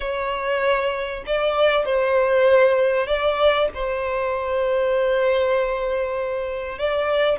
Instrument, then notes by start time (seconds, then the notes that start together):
violin
0.00 C#5
1.26 D5
1.85 C5
3.06 D5
3.74 C5
6.78 D5